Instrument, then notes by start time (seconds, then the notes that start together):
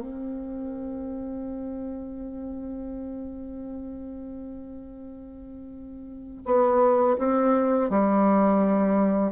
bassoon
0.00 C4
6.46 B3
7.19 C4
7.90 G3